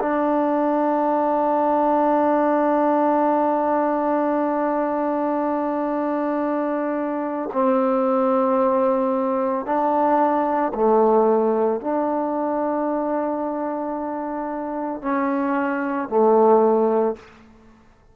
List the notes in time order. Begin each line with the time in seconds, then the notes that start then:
0.00 D4
7.53 C4
9.66 D4
10.75 A3
11.81 D4
15.02 C#4
16.09 A3